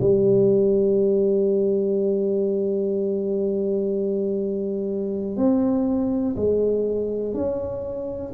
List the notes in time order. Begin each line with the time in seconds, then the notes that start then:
0.00 G3
5.37 C4
6.36 G#3
7.34 C#4